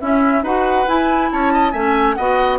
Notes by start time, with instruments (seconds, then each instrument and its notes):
0.00 clarinet C#4, bassoon C#4, oboe E4, flute E5
0.42 bassoon D#4, clarinet F#4, oboe B4, flute F#5
0.86 clarinet E4, bassoon E4, flute G#5
1.31 bassoon C#4, oboe C#5, flute A5
1.52 oboe D#5
1.71 bassoon A3, clarinet C#4, oboe E5, flute G#5
2.14 bassoon B3, clarinet F#4, oboe D#5, flute F#5